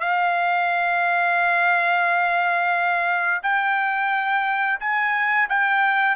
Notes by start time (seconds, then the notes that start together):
0.00 F5
3.43 G5
4.80 G#5
5.49 G5